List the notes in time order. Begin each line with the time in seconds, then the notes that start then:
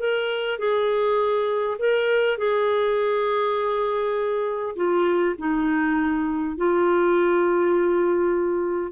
0.00 A#4
0.59 G#4
1.79 A#4
2.38 G#4
4.76 F4
5.39 D#4
6.57 F4